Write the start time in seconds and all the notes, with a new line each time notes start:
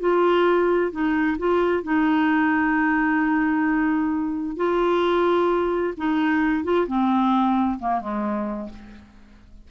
0.00 F4
0.91 D#4
1.38 F4
1.83 D#4
4.57 F4
5.97 D#4
6.64 F4
6.87 C4
7.79 A#3
8.01 G#3